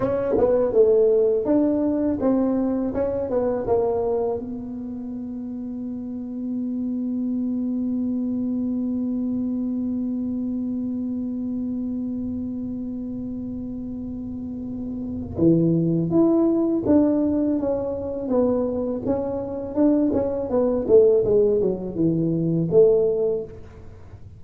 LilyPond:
\new Staff \with { instrumentName = "tuba" } { \time 4/4 \tempo 4 = 82 cis'8 b8 a4 d'4 c'4 | cis'8 b8 ais4 b2~ | b1~ | b1~ |
b1~ | b4 e4 e'4 d'4 | cis'4 b4 cis'4 d'8 cis'8 | b8 a8 gis8 fis8 e4 a4 | }